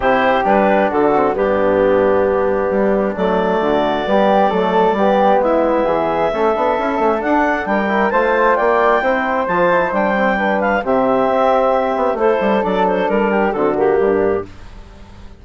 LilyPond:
<<
  \new Staff \with { instrumentName = "clarinet" } { \time 4/4 \tempo 4 = 133 c''4 b'4 a'4 g'4~ | g'2. d''4~ | d''1 | e''1 |
fis''4 g''4 a''4 g''4~ | g''4 a''4 g''4. f''8 | e''2. c''4 | d''8 c''8 ais'4 a'8 g'4. | }
  \new Staff \with { instrumentName = "flute" } { \time 4/4 g'2 fis'4 d'4~ | d'1 | fis'4 g'4 a'4 g'4 | e'4 gis'4 a'2~ |
a'4 ais'4 c''4 d''4 | c''2. b'4 | g'2. a'4~ | a'4. g'8 fis'4 d'4 | }
  \new Staff \with { instrumentName = "trombone" } { \time 4/4 e'4 d'4. c'8 b4~ | b2. a4~ | a4 b4 a4 b4~ | b2 cis'8 d'8 e'8 cis'8 |
d'4. e'8 f'2 | e'4 f'8 e'8 d'8 c'8 d'4 | c'2. e'4 | d'2 c'8 ais4. | }
  \new Staff \with { instrumentName = "bassoon" } { \time 4/4 c4 g4 d4 g,4~ | g,2 g4 fis4 | d4 g4 fis4 g4 | gis4 e4 a8 b8 cis'8 a8 |
d'4 g4 a4 ais4 | c'4 f4 g2 | c4 c'4. b8 a8 g8 | fis4 g4 d4 g,4 | }
>>